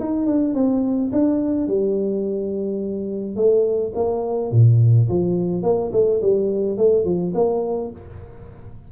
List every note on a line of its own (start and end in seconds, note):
0.00 0.27 D#4
0.27 0.55 D4
0.55 1.11 C4
1.12 1.67 D4
1.67 3.36 G3
3.36 3.92 A3
3.95 4.51 A#3
4.52 5.08 A#2
5.09 5.63 F3
5.63 5.91 A#3
5.93 6.21 A3
6.22 6.77 G3
6.77 7.05 A3
7.05 7.33 F3
7.35 7.91 A#3